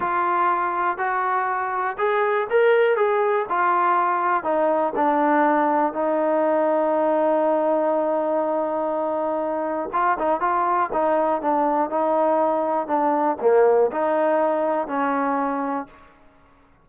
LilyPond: \new Staff \with { instrumentName = "trombone" } { \time 4/4 \tempo 4 = 121 f'2 fis'2 | gis'4 ais'4 gis'4 f'4~ | f'4 dis'4 d'2 | dis'1~ |
dis'1 | f'8 dis'8 f'4 dis'4 d'4 | dis'2 d'4 ais4 | dis'2 cis'2 | }